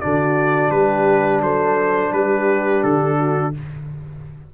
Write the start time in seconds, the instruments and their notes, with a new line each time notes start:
0.00 tuba D3, trombone D4, horn F#4, trumpet D5
0.70 tuba G3, horn G4, trumpet B4
1.41 tuba F#3, horn A4, trumpet C5
2.12 tuba G3, horn G4, trumpet B4
2.83 tuba D3, trumpet A4
3.18 horn F#4